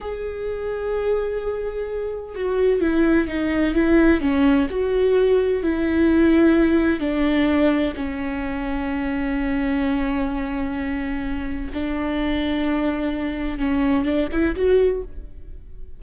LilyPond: \new Staff \with { instrumentName = "viola" } { \time 4/4 \tempo 4 = 128 gis'1~ | gis'4 fis'4 e'4 dis'4 | e'4 cis'4 fis'2 | e'2. d'4~ |
d'4 cis'2.~ | cis'1~ | cis'4 d'2.~ | d'4 cis'4 d'8 e'8 fis'4 | }